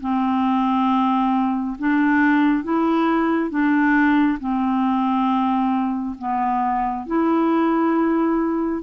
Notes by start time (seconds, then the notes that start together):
0.00 C4
1.78 D4
2.64 E4
3.50 D4
4.40 C4
6.18 B3
7.06 E4